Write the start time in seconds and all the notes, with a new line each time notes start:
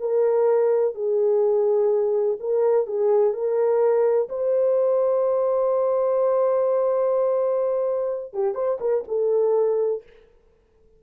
0.00 A#4
0.95 G#4
2.40 A#4
2.87 G#4
3.34 A#4
4.29 C5
8.34 G4
8.55 C5
8.81 A#4
9.08 A4